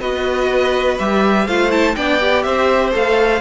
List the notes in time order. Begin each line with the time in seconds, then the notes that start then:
0.00 B3 F#4 B4 D#5
0.98 G3 G4 E5
1.47 A3 F4 C5 F5
1.70 E4 A5
1.96 B3 D4 D5 G5
2.20 G4
2.43 C4 C5 E5
2.92 A3 A4 F5